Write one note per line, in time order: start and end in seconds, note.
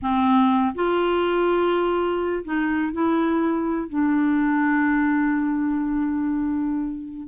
0.01 0.74 C4
0.74 2.44 F4
2.44 2.92 D#4
2.92 3.89 E4
3.89 7.27 D4